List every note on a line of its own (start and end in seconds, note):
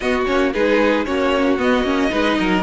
0.00 0.27 B3
0.00 0.26 B3
0.00 0.53 F#4
0.00 0.24 D#5
0.26 0.54 A#3
0.26 0.52 C#4
0.26 0.52 C#5
0.53 1.06 G#3
0.53 1.05 D#4
0.53 1.06 G#4
0.53 1.04 B4
1.04 1.58 A#3
1.04 1.58 C#4
1.04 2.11 F#4
1.04 1.57 C#5
1.58 1.84 B3
1.58 1.83 B3
1.58 2.62 D#5
1.83 2.09 A#3
1.83 2.09 C#4
2.09 2.38 G#3
2.09 2.62 D#4
2.09 2.37 B4
2.39 2.62 F#3
2.39 2.62 A#4